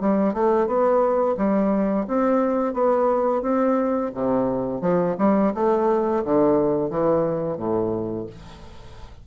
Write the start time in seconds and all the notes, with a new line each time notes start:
0.00 G3
0.34 A3
0.66 B3
1.37 G3
2.07 C4
2.73 B3
3.42 C4
4.14 C3
4.81 F3
5.18 G3
5.54 A3
6.24 D3
6.90 E3
7.57 A2